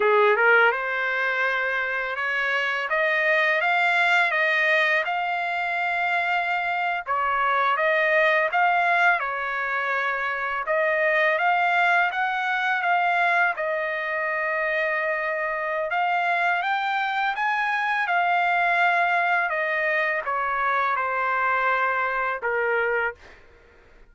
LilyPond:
\new Staff \with { instrumentName = "trumpet" } { \time 4/4 \tempo 4 = 83 gis'8 ais'8 c''2 cis''4 | dis''4 f''4 dis''4 f''4~ | f''4.~ f''16 cis''4 dis''4 f''16~ | f''8. cis''2 dis''4 f''16~ |
f''8. fis''4 f''4 dis''4~ dis''16~ | dis''2 f''4 g''4 | gis''4 f''2 dis''4 | cis''4 c''2 ais'4 | }